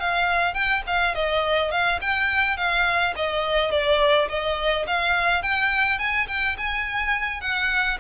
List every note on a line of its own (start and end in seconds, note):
0.00 0.54 F5
0.54 0.83 G5
0.87 1.15 F5
1.15 1.71 D#5
1.71 2.00 F5
2.02 2.57 G5
2.57 3.14 F5
3.16 3.71 D#5
3.71 4.29 D5
4.29 4.86 D#5
4.87 5.43 F5
5.43 5.99 G5
5.99 6.28 G#5
6.28 6.57 G5
6.58 7.41 G#5
7.41 7.98 F#5